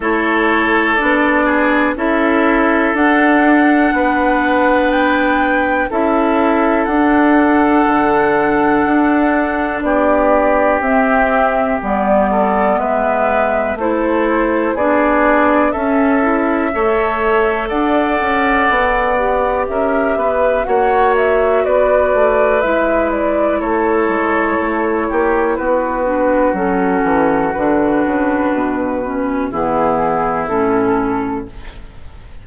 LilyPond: <<
  \new Staff \with { instrumentName = "flute" } { \time 4/4 \tempo 4 = 61 cis''4 d''4 e''4 fis''4~ | fis''4 g''4 e''4 fis''4~ | fis''2 d''4 e''4 | d''4 e''4 c''4 d''4 |
e''2 fis''2 | e''4 fis''8 e''8 d''4 e''8 d''8 | cis''2 b'4 a'4 | b'2 gis'4 a'4 | }
  \new Staff \with { instrumentName = "oboe" } { \time 4/4 a'4. gis'8 a'2 | b'2 a'2~ | a'2 g'2~ | g'8 a'8 b'4 a'4 gis'4 |
a'4 cis''4 d''2 | ais'8 b'8 cis''4 b'2 | a'4. g'8 fis'2~ | fis'2 e'2 | }
  \new Staff \with { instrumentName = "clarinet" } { \time 4/4 e'4 d'4 e'4 d'4~ | d'2 e'4 d'4~ | d'2. c'4 | b2 e'4 d'4 |
cis'8 e'8 a'2~ a'8 g'8~ | g'4 fis'2 e'4~ | e'2~ e'8 d'8 cis'4 | d'4. cis'8 b4 cis'4 | }
  \new Staff \with { instrumentName = "bassoon" } { \time 4/4 a4 b4 cis'4 d'4 | b2 cis'4 d'4 | d4 d'4 b4 c'4 | g4 gis4 a4 b4 |
cis'4 a4 d'8 cis'8 b4 | cis'8 b8 ais4 b8 a8 gis4 | a8 gis8 a8 ais8 b4 fis8 e8 | d8 cis8 b,4 e4 a,4 | }
>>